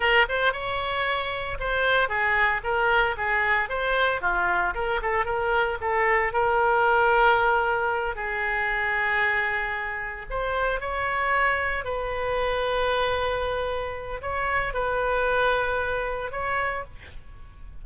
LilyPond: \new Staff \with { instrumentName = "oboe" } { \time 4/4 \tempo 4 = 114 ais'8 c''8 cis''2 c''4 | gis'4 ais'4 gis'4 c''4 | f'4 ais'8 a'8 ais'4 a'4 | ais'2.~ ais'8 gis'8~ |
gis'2.~ gis'8 c''8~ | c''8 cis''2 b'4.~ | b'2. cis''4 | b'2. cis''4 | }